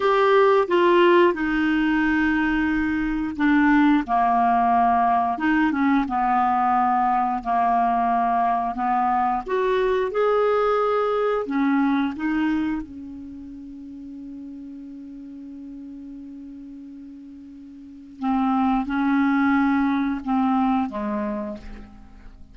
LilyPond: \new Staff \with { instrumentName = "clarinet" } { \time 4/4 \tempo 4 = 89 g'4 f'4 dis'2~ | dis'4 d'4 ais2 | dis'8 cis'8 b2 ais4~ | ais4 b4 fis'4 gis'4~ |
gis'4 cis'4 dis'4 cis'4~ | cis'1~ | cis'2. c'4 | cis'2 c'4 gis4 | }